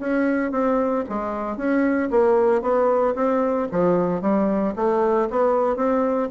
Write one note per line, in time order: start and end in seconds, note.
0.00 0.52 C#4
0.52 1.04 C4
1.09 1.57 G#3
1.57 2.10 C#4
2.11 2.62 A#3
2.62 3.15 B3
3.16 3.68 C4
3.72 4.22 F3
4.22 4.74 G3
4.76 5.29 A3
5.30 5.76 B3
5.76 6.29 C4